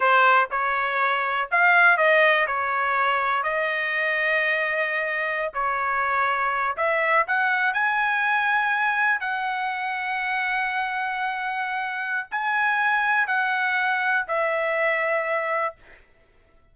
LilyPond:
\new Staff \with { instrumentName = "trumpet" } { \time 4/4 \tempo 4 = 122 c''4 cis''2 f''4 | dis''4 cis''2 dis''4~ | dis''2.~ dis''16 cis''8.~ | cis''4.~ cis''16 e''4 fis''4 gis''16~ |
gis''2~ gis''8. fis''4~ fis''16~ | fis''1~ | fis''4 gis''2 fis''4~ | fis''4 e''2. | }